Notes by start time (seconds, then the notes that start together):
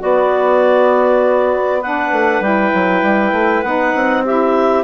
0.00 B3 F#4 D5
1.81 D4 B4 F#5
2.12 A3
2.41 G3 E4 G5
2.74 F#3
3.03 G3
3.32 A3
3.62 B3 D#4 F#5
3.95 C4
4.25 E4 G4 E5